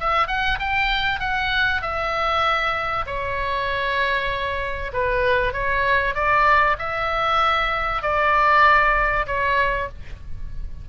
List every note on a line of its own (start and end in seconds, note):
0.00 0.28 E5
0.28 0.59 F#5
0.60 1.20 G5
1.20 1.82 F#5
1.82 3.06 E5
3.07 4.92 C#5
4.93 5.54 B4
5.54 6.15 C#5
6.15 6.77 D5
6.79 8.03 E5
8.03 9.26 D5
9.27 9.89 C#5